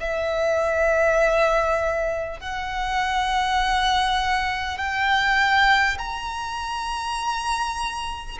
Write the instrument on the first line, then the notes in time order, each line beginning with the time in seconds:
violin
0.00 E5
2.40 F#5
4.78 G5
5.98 A#5